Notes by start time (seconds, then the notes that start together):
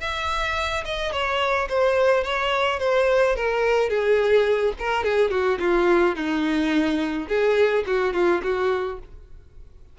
0.00 E5
0.85 D#5
1.12 C#5
1.69 C5
2.24 C#5
2.80 C5
3.36 A#4
3.89 G#4
4.79 A#4
5.04 G#4
5.31 F#4
5.59 F4
6.16 D#4
7.28 G#4
7.87 F#4
8.13 F4
8.43 F#4